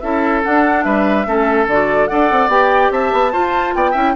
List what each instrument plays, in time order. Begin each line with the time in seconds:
0.00 bassoon C#4, clarinet E4, oboe A4, flute E5
0.43 clarinet D4, bassoon D4, flute F#5
0.83 bassoon G3, oboe B4, flute E5
1.26 bassoon A3, clarinet C#4, oboe A4
1.66 bassoon D3, clarinet F#4, flute D5
2.07 bassoon D4, clarinet A4, oboe D5, flute F#5
2.31 bassoon C4
2.48 bassoon B3, clarinet G4, flute G5
2.91 bassoon C4, oboe E5, flute A5
3.12 bassoon B3
3.32 clarinet F4, bassoon F4, oboe C5
3.74 bassoon B3, oboe D5, flute G5
3.91 bassoon C#4, clarinet E4, oboe E5